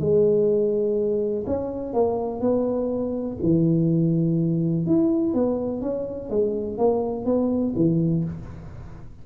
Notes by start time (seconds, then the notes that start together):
0.00 G#3
1.47 C#4
1.93 A#3
2.41 B3
3.42 E3
4.87 E4
5.34 B3
5.82 C#4
6.30 G#3
6.78 A#3
7.26 B3
7.76 E3